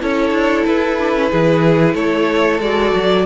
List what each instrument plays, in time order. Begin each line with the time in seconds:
0.00 cello C#4, viola E4, violin A4 C#5
0.30 cello D4
0.65 cello E4, violin B4
0.99 viola D4
1.14 viola C#4
1.29 cello E3, viola E4, violin G#4
1.94 cello A3, violin A4 C#5
2.59 cello G#3, viola F#4, violin D5
2.94 cello F#3